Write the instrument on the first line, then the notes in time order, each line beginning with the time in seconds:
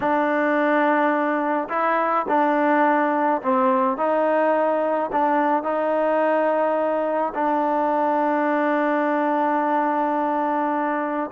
trombone
0.00 D4
1.69 E4
2.28 D4
3.42 C4
3.97 D#4
5.11 D4
5.63 D#4
7.34 D4